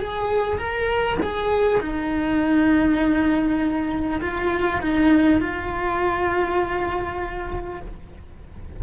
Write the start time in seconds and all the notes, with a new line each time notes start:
0.00 G#4
0.58 A#4
1.23 G#4
1.81 D#4
4.21 F4
4.82 D#4
5.41 F4